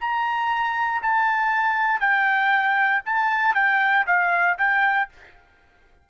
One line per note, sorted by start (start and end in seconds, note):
0.00 1.02 A#5
1.02 2.00 A5
2.00 3.01 G5
3.05 3.55 A5
3.55 4.05 G5
4.07 4.58 F5
4.58 5.09 G5